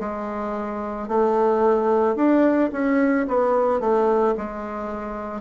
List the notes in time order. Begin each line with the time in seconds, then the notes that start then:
0.00 G#3
1.08 A3
2.16 D4
2.72 C#4
3.28 B3
3.80 A3
4.38 G#3